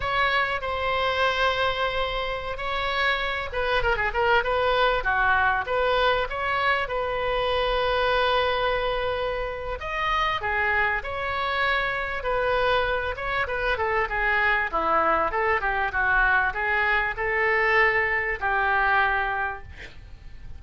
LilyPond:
\new Staff \with { instrumentName = "oboe" } { \time 4/4 \tempo 4 = 98 cis''4 c''2.~ | c''16 cis''4. b'8 ais'16 gis'16 ais'8 b'8.~ | b'16 fis'4 b'4 cis''4 b'8.~ | b'1 |
dis''4 gis'4 cis''2 | b'4. cis''8 b'8 a'8 gis'4 | e'4 a'8 g'8 fis'4 gis'4 | a'2 g'2 | }